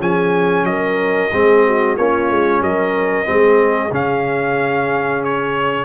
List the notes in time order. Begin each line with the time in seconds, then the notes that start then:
0.00 F3 C#4 G#4 G#5
0.64 F#3 A#4 D#5
1.32 G#3 C4 G#4
1.66 F#4
1.97 A#3 C#4 F4 C#5
2.30 G#3
2.61 F#3 A#4 D#5
3.24 G#3 C4 G#4
3.91 C#3 C#4 F5
5.24 C#5